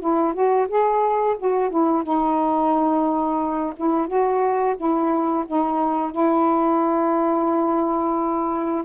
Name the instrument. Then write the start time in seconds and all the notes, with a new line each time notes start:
saxophone
0.00 E4
0.34 F#4
0.68 G#4
1.38 F#4
1.70 E4
2.03 D#4
3.77 E4
4.07 F#4
4.77 E4
5.47 D#4
6.12 E4